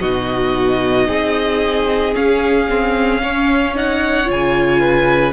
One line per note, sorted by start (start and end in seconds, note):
0.00 1.08 B2
0.00 2.14 D#4
0.00 1.08 F#4
0.00 2.14 D#5
1.08 2.15 C4
1.08 3.22 G#4
2.14 2.67 C#4
2.14 4.30 C#4
2.14 3.76 F5
2.69 3.22 C4
3.22 3.76 C#4
3.22 4.81 C#5
3.76 4.25 D#4
3.76 4.31 F#5
4.25 5.33 C#3
4.25 5.32 F4
4.25 5.33 G#5
4.81 5.33 B4